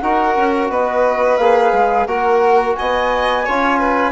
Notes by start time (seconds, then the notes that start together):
0.00 D#4 F#4 A#4 F#5
0.37 C#4
0.69 B3 B4 D#5
1.38 A#3 G#4 F5
1.73 G#3
2.07 A#3 F#4 A#4 F#5
2.76 B3 D#5 G#5
3.45 C#4 F4 C#5
3.79 B4